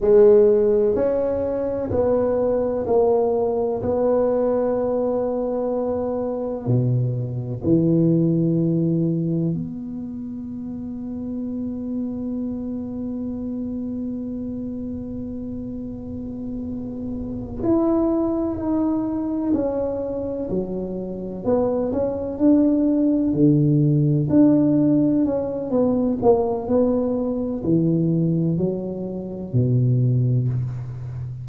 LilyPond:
\new Staff \with { instrumentName = "tuba" } { \time 4/4 \tempo 4 = 63 gis4 cis'4 b4 ais4 | b2. b,4 | e2 b2~ | b1~ |
b2~ b8 e'4 dis'8~ | dis'8 cis'4 fis4 b8 cis'8 d'8~ | d'8 d4 d'4 cis'8 b8 ais8 | b4 e4 fis4 b,4 | }